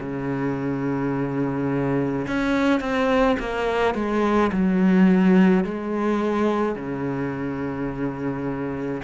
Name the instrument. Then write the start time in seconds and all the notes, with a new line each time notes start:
cello
0.00 C#3
2.27 C#4
2.80 C4
3.39 A#3
3.94 G#3
4.52 F#3
5.64 G#3
6.75 C#3